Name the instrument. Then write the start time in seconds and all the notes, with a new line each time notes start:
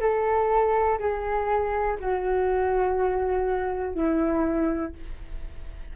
flute
0.00 A4
0.99 G#4
1.99 F#4
3.94 E4